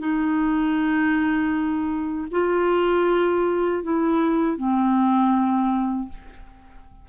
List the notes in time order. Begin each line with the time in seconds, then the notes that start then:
0.00 D#4
2.31 F4
3.83 E4
4.57 C4